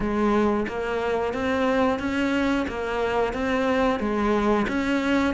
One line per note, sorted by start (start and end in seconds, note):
0.00 0.66 G#3
0.68 1.33 A#3
1.33 1.99 C4
1.99 2.65 C#4
2.68 3.33 A#3
3.33 3.99 C4
3.99 4.66 G#3
4.68 5.34 C#4